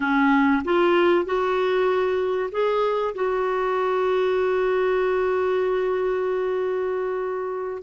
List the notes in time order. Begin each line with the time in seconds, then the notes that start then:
0.00 C#4
0.64 F4
1.25 F#4
2.51 G#4
3.14 F#4